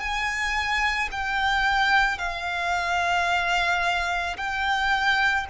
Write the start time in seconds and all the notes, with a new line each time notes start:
0.00 G#5
1.11 G5
2.18 F5
4.37 G5